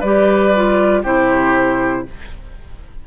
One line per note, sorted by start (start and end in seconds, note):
0.00 1.03 G3
0.00 0.54 G4
0.00 1.02 B4
0.00 1.03 D5
0.55 1.04 F4
1.03 2.05 C3
1.03 2.06 E4
1.03 2.04 G4
1.03 2.07 C5